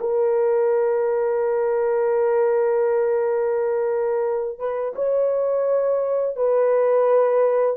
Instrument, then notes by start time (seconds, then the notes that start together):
horn
0.00 A#4
4.59 B4
4.95 C#5
6.36 B4